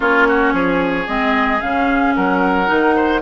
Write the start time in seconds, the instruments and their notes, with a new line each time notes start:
0.00 bassoon A#3, clarinet C#4, oboe F4, flute C#5
0.28 oboe F#4
0.53 bassoon F3, oboe G#4
1.07 bassoon G#3, clarinet C4, flute D#5
1.60 bassoon C#3, clarinet C#4, flute F5
2.15 bassoon F#3, oboe A#4, flute F#5
2.66 bassoon D#3, clarinet D#4
2.96 oboe C5